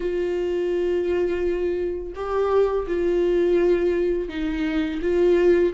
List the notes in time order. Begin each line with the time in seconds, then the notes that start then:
0.00 F4
2.15 G4
2.87 F4
4.29 D#4
5.02 F4